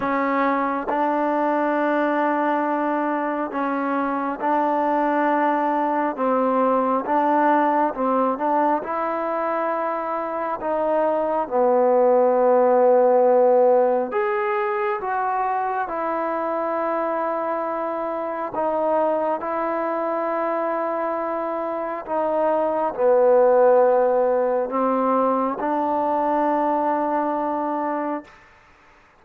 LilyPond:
\new Staff \with { instrumentName = "trombone" } { \time 4/4 \tempo 4 = 68 cis'4 d'2. | cis'4 d'2 c'4 | d'4 c'8 d'8 e'2 | dis'4 b2. |
gis'4 fis'4 e'2~ | e'4 dis'4 e'2~ | e'4 dis'4 b2 | c'4 d'2. | }